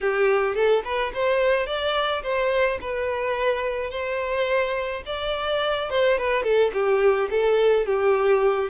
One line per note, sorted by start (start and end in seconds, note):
0.01 0.54 G4
0.54 0.82 A4
0.84 1.12 B4
1.14 1.66 C5
1.66 2.22 D5
2.22 2.78 C5
2.80 3.90 B4
3.90 5.02 C5
5.05 5.90 D5
5.90 6.18 C5
6.18 6.43 B4
6.43 6.71 A4
6.73 7.29 G4
7.30 7.86 A4
7.86 8.69 G4